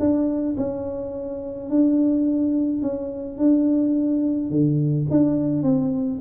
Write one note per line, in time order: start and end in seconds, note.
0.00 0.57 D4
0.58 1.70 C#4
1.70 2.82 D4
2.82 3.39 C#4
3.39 4.50 D4
4.50 5.07 D3
5.11 5.63 D4
5.63 6.20 C4